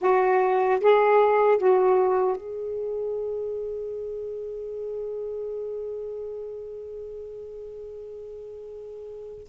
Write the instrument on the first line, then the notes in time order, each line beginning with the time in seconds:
saxophone
0.01 F#4
0.80 G#4
1.58 F#4
2.36 G#4